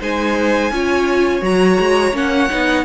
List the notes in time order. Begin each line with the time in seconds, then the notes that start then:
0.00 G#3 D#4 C5 G#5
0.70 C#4 F4 C#5
1.41 F#3 F#4 A#5
1.79 G#3
2.12 A#3 C#4 F#5
2.49 B3 D#4